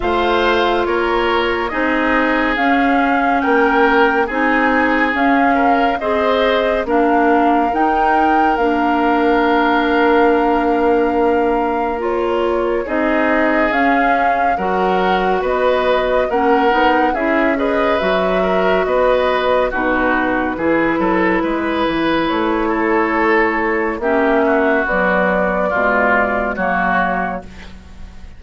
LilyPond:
<<
  \new Staff \with { instrumentName = "flute" } { \time 4/4 \tempo 4 = 70 f''4 cis''4 dis''4 f''4 | g''4 gis''4 f''4 dis''4 | f''4 g''4 f''2~ | f''2 cis''4 dis''4 |
f''4 fis''4 dis''4 fis''4 | e''8 dis''8 e''4 dis''4 b'4~ | b'2 cis''2 | e''4 d''2 cis''4 | }
  \new Staff \with { instrumentName = "oboe" } { \time 4/4 c''4 ais'4 gis'2 | ais'4 gis'4. ais'8 c''4 | ais'1~ | ais'2. gis'4~ |
gis'4 ais'4 b'4 ais'4 | gis'8 b'4 ais'8 b'4 fis'4 | gis'8 a'8 b'4. a'4. | g'8 fis'4. f'4 fis'4 | }
  \new Staff \with { instrumentName = "clarinet" } { \time 4/4 f'2 dis'4 cis'4~ | cis'4 dis'4 cis'4 gis'4 | d'4 dis'4 d'2~ | d'2 f'4 dis'4 |
cis'4 fis'2 cis'8 dis'8 | e'8 gis'8 fis'2 dis'4 | e'1 | cis'4 fis4 gis4 ais4 | }
  \new Staff \with { instrumentName = "bassoon" } { \time 4/4 a4 ais4 c'4 cis'4 | ais4 c'4 cis'4 c'4 | ais4 dis'4 ais2~ | ais2. c'4 |
cis'4 fis4 b4 ais8 b8 | cis'4 fis4 b4 b,4 | e8 fis8 gis8 e8 a2 | ais4 b4 b,4 fis4 | }
>>